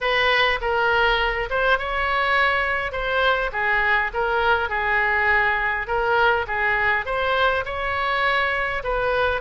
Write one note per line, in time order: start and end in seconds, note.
0.01 0.59 B4
0.61 1.49 A#4
1.49 1.78 C5
1.78 2.91 C#5
2.91 3.50 C5
3.52 4.11 G#4
4.13 4.69 A#4
4.69 5.87 G#4
5.87 6.45 A#4
6.47 7.05 G#4
7.05 7.64 C5
7.65 8.82 C#5
8.83 9.41 B4